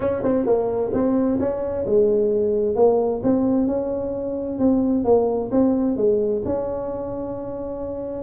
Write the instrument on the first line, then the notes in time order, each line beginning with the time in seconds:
tuba
0.00 C#4
0.23 C4
0.45 A#3
0.93 C4
1.39 C#4
1.85 G#3
2.75 A#3
3.23 C4
3.67 C#4
4.58 C4
5.04 A#3
5.51 C4
5.96 G#3
6.45 C#4